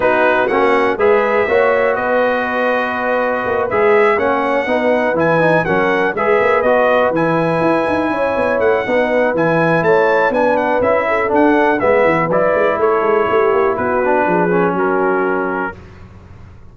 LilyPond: <<
  \new Staff \with { instrumentName = "trumpet" } { \time 4/4 \tempo 4 = 122 b'4 fis''4 e''2 | dis''2.~ dis''8 e''8~ | e''8 fis''2 gis''4 fis''8~ | fis''8 e''4 dis''4 gis''4.~ |
gis''4. fis''4. gis''4 | a''4 gis''8 fis''8 e''4 fis''4 | e''4 d''4 cis''2 | b'2 ais'2 | }
  \new Staff \with { instrumentName = "horn" } { \time 4/4 fis'2 b'4 cis''4 | b'1~ | b'8 cis''4 b'2 ais'8~ | ais'8 b'2.~ b'8~ |
b'8 cis''4. b'2 | cis''4 b'4. a'4. | b'2 a'4 g'4 | fis'4 gis'4 fis'2 | }
  \new Staff \with { instrumentName = "trombone" } { \time 4/4 dis'4 cis'4 gis'4 fis'4~ | fis'2.~ fis'8 gis'8~ | gis'8 cis'4 dis'4 e'8 dis'8 cis'8~ | cis'8 gis'4 fis'4 e'4.~ |
e'2 dis'4 e'4~ | e'4 d'4 e'4 d'4 | b4 e'2.~ | e'8 d'4 cis'2~ cis'8 | }
  \new Staff \with { instrumentName = "tuba" } { \time 4/4 b4 ais4 gis4 ais4 | b2. ais8 gis8~ | gis8 ais4 b4 e4 fis8~ | fis8 gis8 ais8 b4 e4 e'8 |
dis'8 cis'8 b8 a8 b4 e4 | a4 b4 cis'4 d'4 | gis8 e8 fis8 gis8 a8 gis8 a8 ais8 | b4 f4 fis2 | }
>>